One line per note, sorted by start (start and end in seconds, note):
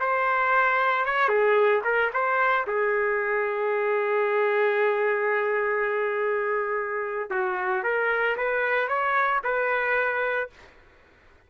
0.00 1.06 C5
1.06 1.29 C#5
1.29 1.82 G#4
1.84 2.11 A#4
2.13 2.66 C5
2.67 7.30 G#4
7.30 7.83 F#4
7.83 8.37 A#4
8.37 8.88 B4
8.88 9.41 C#5
9.44 10.50 B4